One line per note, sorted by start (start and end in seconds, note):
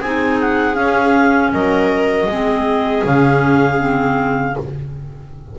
0.00 0.76 C4
0.00 0.75 D#4
0.00 1.52 G#4
0.00 0.38 G#5
0.40 0.75 F#5
0.75 2.26 C#4
0.75 1.52 C#4
0.75 1.51 F5
1.52 2.26 F#3
1.52 2.30 A#4
1.52 3.04 D#5
2.26 3.02 G#3
2.26 3.05 C4
2.26 4.58 G#4
3.05 4.56 C#3
3.05 3.78 C#4
3.05 4.58 F5
3.78 4.53 C4